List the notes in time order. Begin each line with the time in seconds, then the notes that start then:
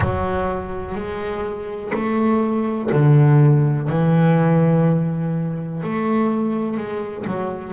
0.00 F#3
0.95 G#3
1.93 A3
2.92 D3
3.88 E3
5.82 A3
6.77 G#3
7.26 F#3